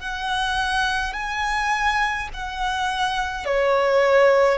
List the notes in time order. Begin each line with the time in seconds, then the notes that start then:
0.00 F#5
1.14 G#5
2.34 F#5
3.46 C#5